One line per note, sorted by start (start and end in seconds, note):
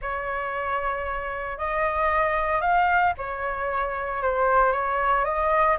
0.01 1.58 C#5
1.58 2.61 D#5
2.61 3.13 F5
3.17 4.22 C#5
4.22 4.72 C5
4.72 5.24 C#5
5.24 5.77 D#5